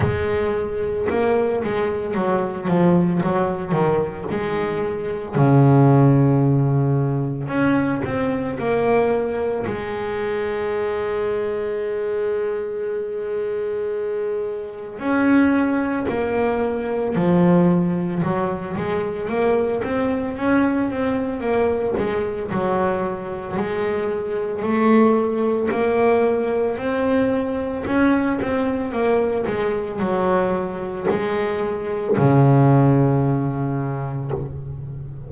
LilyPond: \new Staff \with { instrumentName = "double bass" } { \time 4/4 \tempo 4 = 56 gis4 ais8 gis8 fis8 f8 fis8 dis8 | gis4 cis2 cis'8 c'8 | ais4 gis2.~ | gis2 cis'4 ais4 |
f4 fis8 gis8 ais8 c'8 cis'8 c'8 | ais8 gis8 fis4 gis4 a4 | ais4 c'4 cis'8 c'8 ais8 gis8 | fis4 gis4 cis2 | }